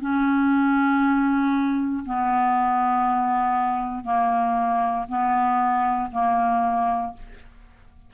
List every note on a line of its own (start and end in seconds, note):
0.00 2.03 C#4
2.05 4.04 B3
4.04 5.05 A#3
5.08 6.10 B3
6.11 7.13 A#3